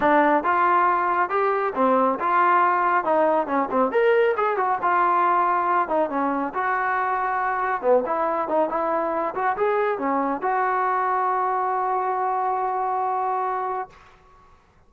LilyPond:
\new Staff \with { instrumentName = "trombone" } { \time 4/4 \tempo 4 = 138 d'4 f'2 g'4 | c'4 f'2 dis'4 | cis'8 c'8 ais'4 gis'8 fis'8 f'4~ | f'4. dis'8 cis'4 fis'4~ |
fis'2 b8 e'4 dis'8 | e'4. fis'8 gis'4 cis'4 | fis'1~ | fis'1 | }